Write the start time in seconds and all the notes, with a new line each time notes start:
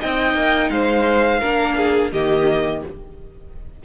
0.00 C4 D#4 D#5 G5
0.34 A#3
0.70 G#3 C5 F5
1.40 A#3 D4 A#4
1.76 G#4
2.12 D#3 A#3 G4 D#5